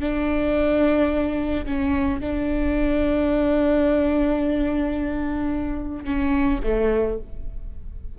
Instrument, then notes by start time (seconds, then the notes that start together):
viola
0.00 D4
1.65 C#4
2.20 D4
6.05 C#4
6.63 A3